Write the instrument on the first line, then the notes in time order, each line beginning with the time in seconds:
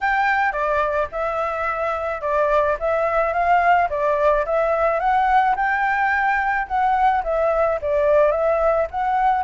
flute
0.01 G5
0.52 D5
1.11 E5
2.21 D5
2.79 E5
3.33 F5
3.89 D5
4.45 E5
4.99 F#5
5.56 G5
6.67 F#5
7.23 E5
7.81 D5
8.31 E5
8.90 F#5